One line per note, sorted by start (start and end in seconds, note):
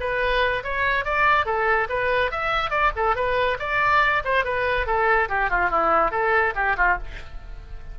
0.00 0.63 B4
0.64 1.05 C#5
1.05 1.46 D5
1.46 1.88 A4
1.89 2.31 B4
2.31 2.70 E5
2.70 2.92 D5
2.96 3.16 A4
3.16 3.58 B4
3.60 4.23 D5
4.24 4.44 C5
4.44 4.86 B4
4.86 5.29 A4
5.29 5.50 G4
5.50 5.70 F4
5.70 6.11 E4
6.11 6.54 A4
6.55 6.76 G4
6.77 6.98 F4